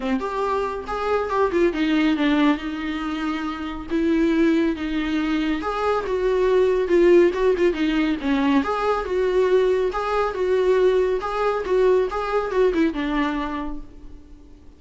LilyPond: \new Staff \with { instrumentName = "viola" } { \time 4/4 \tempo 4 = 139 c'8 g'4. gis'4 g'8 f'8 | dis'4 d'4 dis'2~ | dis'4 e'2 dis'4~ | dis'4 gis'4 fis'2 |
f'4 fis'8 f'8 dis'4 cis'4 | gis'4 fis'2 gis'4 | fis'2 gis'4 fis'4 | gis'4 fis'8 e'8 d'2 | }